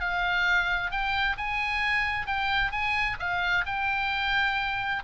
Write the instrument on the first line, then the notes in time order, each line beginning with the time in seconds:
oboe
0.00 F5
0.91 G5
1.37 G#5
2.26 G5
2.71 G#5
3.19 F5
3.65 G5